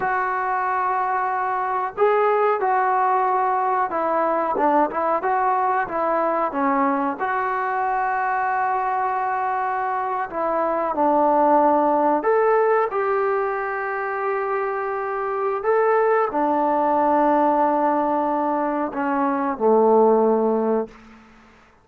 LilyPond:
\new Staff \with { instrumentName = "trombone" } { \time 4/4 \tempo 4 = 92 fis'2. gis'4 | fis'2 e'4 d'8 e'8 | fis'4 e'4 cis'4 fis'4~ | fis'2.~ fis'8. e'16~ |
e'8. d'2 a'4 g'16~ | g'1 | a'4 d'2.~ | d'4 cis'4 a2 | }